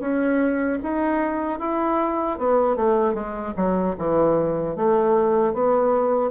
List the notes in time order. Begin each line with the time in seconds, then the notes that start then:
0.00 C#4
0.83 D#4
1.59 E4
2.38 B3
2.76 A3
3.14 G#3
3.56 F#3
3.98 E3
4.76 A3
5.54 B3